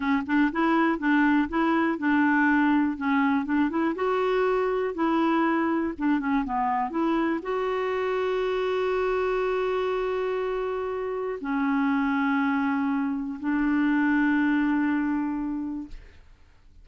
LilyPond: \new Staff \with { instrumentName = "clarinet" } { \time 4/4 \tempo 4 = 121 cis'8 d'8 e'4 d'4 e'4 | d'2 cis'4 d'8 e'8 | fis'2 e'2 | d'8 cis'8 b4 e'4 fis'4~ |
fis'1~ | fis'2. cis'4~ | cis'2. d'4~ | d'1 | }